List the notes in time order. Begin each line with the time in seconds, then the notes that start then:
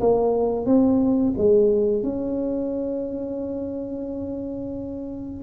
0.00 A#3
0.65 C4
1.37 G#3
2.03 C#4